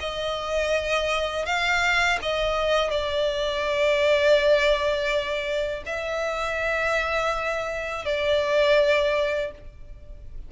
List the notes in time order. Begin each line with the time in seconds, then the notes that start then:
0.00 D#5
1.45 F5
2.22 D#5
2.90 D5
5.86 E5
8.05 D5